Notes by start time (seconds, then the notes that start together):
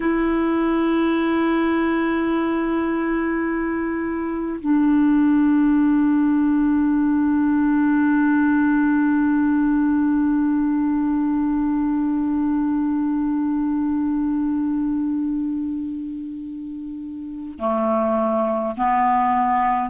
0.00 E4
4.60 D4
17.59 A3
18.77 B3